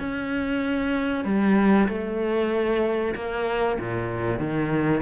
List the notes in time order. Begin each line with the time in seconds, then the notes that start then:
0.00 C#4
1.25 G3
1.89 A3
3.16 A#3
3.80 A#2
4.40 D#3